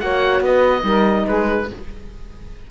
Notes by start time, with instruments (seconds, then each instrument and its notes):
0.00 cello A#3, horn F#4, saxophone C#5, oboe F#5
0.41 cello B3, saxophone B4, oboe D#5
0.81 cello G3, horn D#4, saxophone A#4
1.24 cello G#3, saxophone G#4, oboe B4